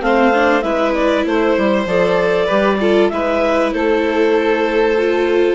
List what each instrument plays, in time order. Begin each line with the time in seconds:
0.00 bassoon A3, viola C4, violin C5, clarinet F5
0.34 viola D4
0.61 bassoon G#3, viola E4, violin B4, clarinet E5
0.94 clarinet D5
1.26 bassoon A3, clarinet C5, violin C5
1.57 bassoon G3
1.86 bassoon F3, viola A4, clarinet D5
2.45 bassoon G3, viola G4, violin B4
2.80 viola F4, violin A4
3.09 bassoon G#3, viola E4, violin B4, clarinet E5
3.72 bassoon A3, violin A4, clarinet C5
4.97 viola F4